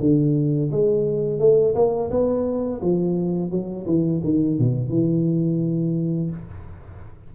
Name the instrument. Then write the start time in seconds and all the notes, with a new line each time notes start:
tuba
0.00 D3
0.71 G#3
1.39 A3
1.75 A#3
2.11 B3
2.81 F3
3.51 F#3
3.86 E3
4.24 D#3
4.59 B2
4.90 E3